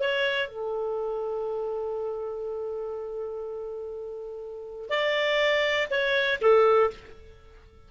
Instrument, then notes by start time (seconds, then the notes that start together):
clarinet
0.00 C#5
0.49 A4
4.90 D5
5.90 C#5
6.42 A4